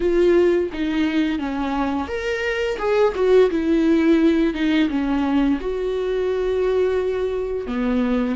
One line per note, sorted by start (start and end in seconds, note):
0.00 0.70 F4
0.72 1.38 D#4
1.38 2.07 C#4
2.07 2.77 A#4
2.78 3.13 G#4
3.15 3.49 F#4
3.50 4.53 E4
4.53 4.88 D#4
4.89 5.59 C#4
5.60 7.66 F#4
7.66 8.35 B3